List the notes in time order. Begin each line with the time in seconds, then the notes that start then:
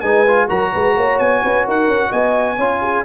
0.00 G#3 D#4 B4 G#5
0.27 F4
0.48 F#3 F#4 A#4 A#5
0.73 G#3 B4
0.97 A#3 C#5
1.19 B3 G#5
1.43 C#4 B4
1.66 D#4 A#4 F#5
1.87 C#4
2.09 B3 D#5 G#5
2.56 C#4 F4 C#5
2.81 G#4